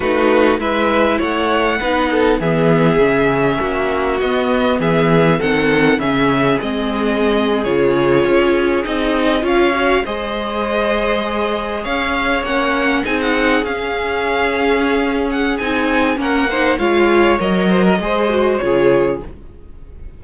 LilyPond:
<<
  \new Staff \with { instrumentName = "violin" } { \time 4/4 \tempo 4 = 100 b'4 e''4 fis''2 | e''2. dis''4 | e''4 fis''4 e''4 dis''4~ | dis''8. cis''2 dis''4 f''16~ |
f''8. dis''2. f''16~ | f''8. fis''4 gis''16 fis''8. f''4~ f''16~ | f''4. fis''8 gis''4 fis''4 | f''4 dis''2 cis''4 | }
  \new Staff \with { instrumentName = "violin" } { \time 4/4 fis'4 b'4 cis''4 b'8 a'8 | gis'2 fis'2 | gis'4 a'4 gis'2~ | gis'2.~ gis'8. cis''16~ |
cis''8. c''2. cis''16~ | cis''4.~ cis''16 gis'2~ gis'16~ | gis'2. ais'8 c''8 | cis''4. c''16 ais'16 c''4 gis'4 | }
  \new Staff \with { instrumentName = "viola" } { \time 4/4 dis'4 e'2 dis'4 | b4 cis'2 b4~ | b4 c'4 cis'4 c'4~ | c'8. f'2 dis'4 f'16~ |
f'16 fis'8 gis'2.~ gis'16~ | gis'8. cis'4 dis'4 cis'4~ cis'16~ | cis'2 dis'4 cis'8 dis'8 | f'4 ais'4 gis'8 fis'8 f'4 | }
  \new Staff \with { instrumentName = "cello" } { \time 4/4 a4 gis4 a4 b4 | e4 cis4 ais4 b4 | e4 dis4 cis4 gis4~ | gis8. cis4 cis'4 c'4 cis'16~ |
cis'8. gis2. cis'16~ | cis'8. ais4 c'4 cis'4~ cis'16~ | cis'2 c'4 ais4 | gis4 fis4 gis4 cis4 | }
>>